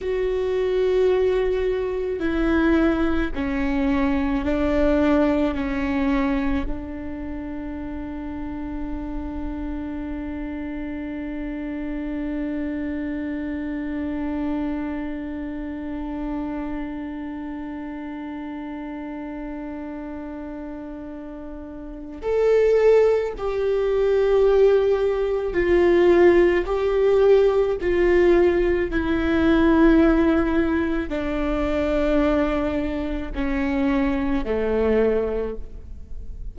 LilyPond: \new Staff \with { instrumentName = "viola" } { \time 4/4 \tempo 4 = 54 fis'2 e'4 cis'4 | d'4 cis'4 d'2~ | d'1~ | d'1~ |
d'1 | a'4 g'2 f'4 | g'4 f'4 e'2 | d'2 cis'4 a4 | }